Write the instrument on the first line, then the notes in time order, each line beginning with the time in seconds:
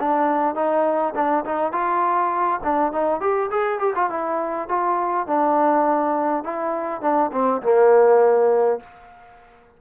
trombone
0.00 D4
0.55 D#4
1.15 D4
1.45 D#4
1.72 F4
2.63 D4
2.92 D#4
3.20 G4
3.51 G#4
3.79 G4
3.95 F4
4.10 E4
4.68 F4
5.27 D4
6.44 E4
7.02 D4
7.32 C4
7.62 A#3